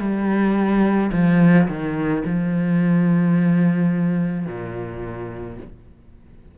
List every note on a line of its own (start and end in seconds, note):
0.00 1.11 G3
1.12 1.68 F3
1.68 2.24 D#3
2.25 4.46 F3
4.46 5.58 A#2